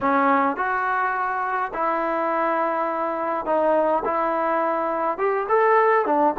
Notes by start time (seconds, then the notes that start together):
0.00 C#4
0.56 F#4
1.73 E4
3.45 D#4
4.05 E4
5.17 G4
5.48 A4
6.05 D4